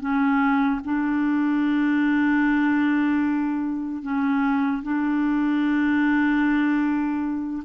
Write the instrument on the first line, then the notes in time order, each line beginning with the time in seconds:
clarinet
0.00 C#4
0.84 D4
4.02 C#4
4.83 D4